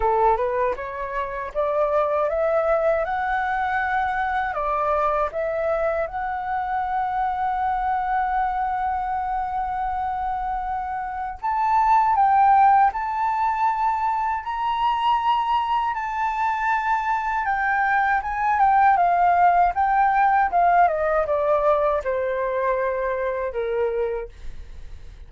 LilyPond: \new Staff \with { instrumentName = "flute" } { \time 4/4 \tempo 4 = 79 a'8 b'8 cis''4 d''4 e''4 | fis''2 d''4 e''4 | fis''1~ | fis''2. a''4 |
g''4 a''2 ais''4~ | ais''4 a''2 g''4 | gis''8 g''8 f''4 g''4 f''8 dis''8 | d''4 c''2 ais'4 | }